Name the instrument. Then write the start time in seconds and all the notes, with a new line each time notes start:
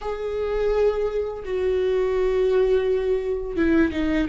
viola
0.01 G#4
1.44 F#4
3.56 E4
3.92 D#4